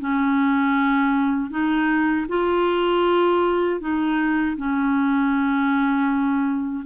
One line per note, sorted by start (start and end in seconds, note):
0.00 1.51 C#4
1.51 2.27 D#4
2.29 3.81 F4
3.81 4.57 D#4
4.57 6.85 C#4